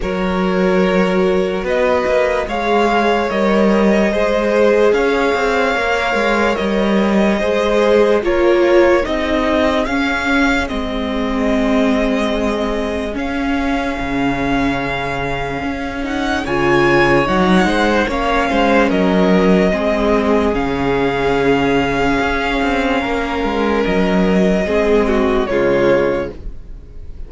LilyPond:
<<
  \new Staff \with { instrumentName = "violin" } { \time 4/4 \tempo 4 = 73 cis''2 dis''4 f''4 | dis''2 f''2 | dis''2 cis''4 dis''4 | f''4 dis''2. |
f''2.~ f''8 fis''8 | gis''4 fis''4 f''4 dis''4~ | dis''4 f''2.~ | f''4 dis''2 cis''4 | }
  \new Staff \with { instrumentName = "violin" } { \time 4/4 ais'2 b'4 cis''4~ | cis''4 c''4 cis''2~ | cis''4 c''4 ais'4 gis'4~ | gis'1~ |
gis'1 | cis''4. c''8 cis''8 c''8 ais'4 | gis'1 | ais'2 gis'8 fis'8 f'4 | }
  \new Staff \with { instrumentName = "viola" } { \time 4/4 fis'2. gis'4 | ais'4 gis'2 ais'4~ | ais'4 gis'4 f'4 dis'4 | cis'4 c'2. |
cis'2.~ cis'8 dis'8 | f'4 dis'4 cis'2 | c'4 cis'2.~ | cis'2 c'4 gis4 | }
  \new Staff \with { instrumentName = "cello" } { \time 4/4 fis2 b8 ais8 gis4 | g4 gis4 cis'8 c'8 ais8 gis8 | g4 gis4 ais4 c'4 | cis'4 gis2. |
cis'4 cis2 cis'4 | cis4 fis8 gis8 ais8 gis8 fis4 | gis4 cis2 cis'8 c'8 | ais8 gis8 fis4 gis4 cis4 | }
>>